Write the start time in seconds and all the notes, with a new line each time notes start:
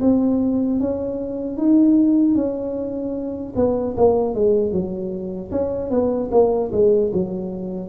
0.00 C4
0.79 C#4
1.57 D#4
2.34 C#4
3.55 B3
3.96 A#3
4.34 G#3
4.72 F#3
5.51 C#4
5.90 B3
6.31 A#3
6.72 G#3
7.13 F#3